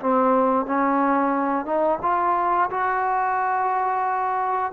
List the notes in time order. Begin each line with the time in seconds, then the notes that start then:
0.00 C4
0.66 C#4
1.65 D#4
2.02 F4
2.70 F#4